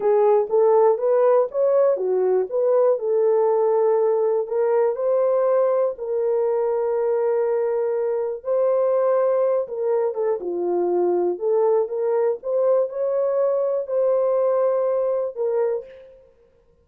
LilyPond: \new Staff \with { instrumentName = "horn" } { \time 4/4 \tempo 4 = 121 gis'4 a'4 b'4 cis''4 | fis'4 b'4 a'2~ | a'4 ais'4 c''2 | ais'1~ |
ais'4 c''2~ c''8 ais'8~ | ais'8 a'8 f'2 a'4 | ais'4 c''4 cis''2 | c''2. ais'4 | }